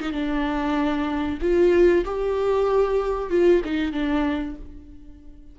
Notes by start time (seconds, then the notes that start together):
0.00 D#4
0.12 D4
1.42 F4
2.05 G4
3.31 F4
3.65 D#4
3.92 D4